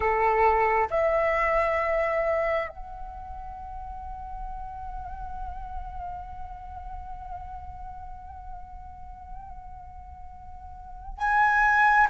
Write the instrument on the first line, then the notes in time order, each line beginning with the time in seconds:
flute
0.00 A4
0.90 E5
2.69 F#5
11.17 G#5